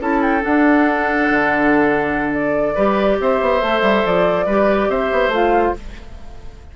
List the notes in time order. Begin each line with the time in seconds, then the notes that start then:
0.00 C#4 E4 A4 A5
0.22 G5
0.41 D4 F#5
1.30 D3
2.34 D5
2.75 G3 G4 B4
3.20 C4 C5 E5
3.41 B3
3.61 A3 A4
3.82 G3
4.06 F3 D5
4.46 G3 G4 B4
4.89 C4 C5 E5
5.12 B3
5.28 A3 F4 F5